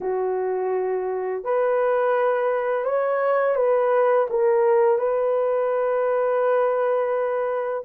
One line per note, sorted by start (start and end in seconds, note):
0.01 1.44 F#4
1.44 2.84 B4
2.84 3.55 C#5
3.55 4.27 B4
4.30 4.98 A#4
4.98 7.84 B4